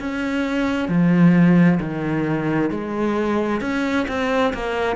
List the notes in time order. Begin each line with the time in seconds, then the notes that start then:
0.00 C#4
0.89 F3
1.81 D#3
2.71 G#3
3.61 C#4
4.08 C4
4.54 A#3